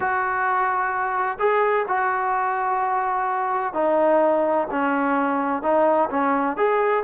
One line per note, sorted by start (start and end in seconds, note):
0.00 1.37 F#4
1.39 1.86 G#4
1.88 3.73 F#4
3.73 4.67 D#4
4.70 5.62 C#4
5.62 6.09 D#4
6.09 6.56 C#4
6.56 7.03 G#4